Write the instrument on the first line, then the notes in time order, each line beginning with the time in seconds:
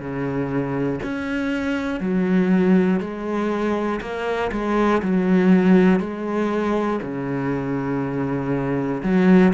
cello
0.00 C#3
1.03 C#4
2.00 F#3
3.00 G#3
4.01 A#3
4.51 G#3
5.02 F#3
6.00 G#3
7.02 C#3
9.03 F#3